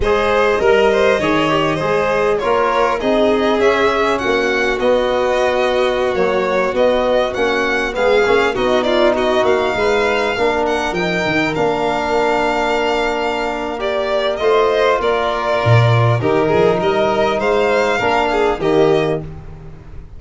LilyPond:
<<
  \new Staff \with { instrumentName = "violin" } { \time 4/4 \tempo 4 = 100 dis''1 | cis''4 dis''4 e''4 fis''4 | dis''2~ dis''16 cis''4 dis''8.~ | dis''16 fis''4 f''4 dis''8 d''8 dis''8 f''16~ |
f''4.~ f''16 fis''8 g''4 f''8.~ | f''2. d''4 | dis''4 d''2 ais'4 | dis''4 f''2 dis''4 | }
  \new Staff \with { instrumentName = "violin" } { \time 4/4 c''4 ais'8 c''8 cis''4 c''4 | ais'4 gis'2 fis'4~ | fis'1~ | fis'4~ fis'16 gis'4 fis'8 f'8 fis'8.~ |
fis'16 b'4 ais'2~ ais'8.~ | ais'1 | c''4 ais'2 g'8 gis'8 | ais'4 c''4 ais'8 gis'8 g'4 | }
  \new Staff \with { instrumentName = "trombone" } { \time 4/4 gis'4 ais'4 gis'8 g'8 gis'4 | f'4 dis'4 cis'2 | b2~ b16 fis4 b8.~ | b16 cis'4 b8 cis'8 dis'4.~ dis'16~ |
dis'4~ dis'16 d'4 dis'4 d'8.~ | d'2. g'4 | f'2. dis'4~ | dis'2 d'4 ais4 | }
  \new Staff \with { instrumentName = "tuba" } { \time 4/4 gis4 g4 dis4 gis4 | ais4 c'4 cis'4 ais4 | b2~ b16 ais4 b8.~ | b16 ais4 gis8 ais8 b4. ais16~ |
ais16 gis4 ais4 f8 dis8 ais8.~ | ais1 | a4 ais4 ais,4 dis8 f8 | g4 gis4 ais4 dis4 | }
>>